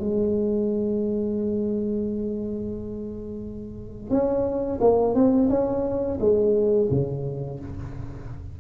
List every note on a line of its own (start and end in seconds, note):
0.00 4.11 G#3
4.11 4.80 C#4
4.81 5.15 A#3
5.15 5.50 C4
5.50 6.19 C#4
6.20 6.89 G#3
6.91 7.60 C#3